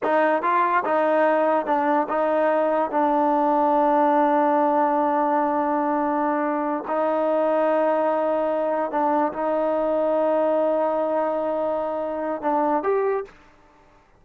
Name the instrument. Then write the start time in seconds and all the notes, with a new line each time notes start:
trombone
0.03 D#4
0.42 F4
0.84 D#4
1.66 D4
2.09 D#4
2.91 D4
6.87 D#4
8.91 D4
9.32 D#4
12.41 D4
12.83 G4